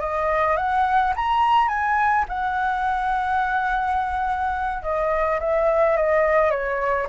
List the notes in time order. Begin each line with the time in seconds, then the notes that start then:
0.00 D#5
0.57 F#5
1.16 A#5
1.69 G#5
2.29 F#5
4.83 D#5
5.40 E5
5.97 D#5
6.51 C#5